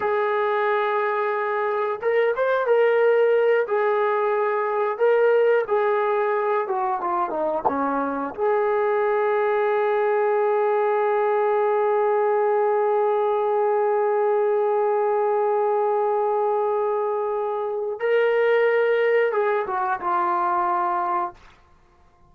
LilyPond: \new Staff \with { instrumentName = "trombone" } { \time 4/4 \tempo 4 = 90 gis'2. ais'8 c''8 | ais'4. gis'2 ais'8~ | ais'8 gis'4. fis'8 f'8 dis'8 cis'8~ | cis'8 gis'2.~ gis'8~ |
gis'1~ | gis'1~ | gis'2. ais'4~ | ais'4 gis'8 fis'8 f'2 | }